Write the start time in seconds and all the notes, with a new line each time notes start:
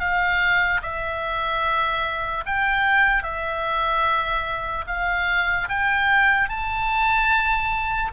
0.00 F5
0.82 E5
2.46 G5
3.23 E5
4.87 F5
5.69 G5
6.49 A5